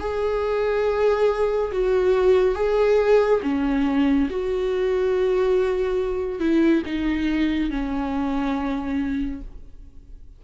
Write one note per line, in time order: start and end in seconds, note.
0.00 1.71 G#4
1.72 2.55 F#4
2.55 3.41 G#4
3.43 4.29 C#4
4.30 6.40 F#4
6.40 6.83 E4
6.86 7.70 D#4
7.70 9.42 C#4